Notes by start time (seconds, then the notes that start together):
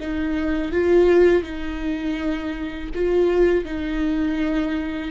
0.00 D#4
0.72 F4
1.43 D#4
2.94 F4
3.65 D#4